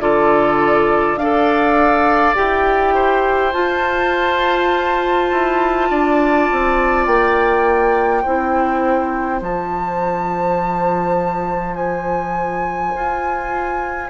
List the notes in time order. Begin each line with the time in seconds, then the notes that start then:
0.00 D3 F4 A4 D5
1.16 D4 D5 F5
1.23 A4
2.36 E4 G4 G5
2.95 C5
3.53 F4 A5
5.32 E4
5.91 D4 D5
6.52 C4
7.06 A#3 G5
8.23 C4 E4 C5
9.42 F3 F4 A5
11.75 G#5
12.96 F4